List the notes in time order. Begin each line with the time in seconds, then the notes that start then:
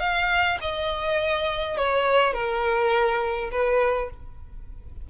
0.00 F5
0.61 D#5
1.77 C#5
2.34 A#4
3.52 B4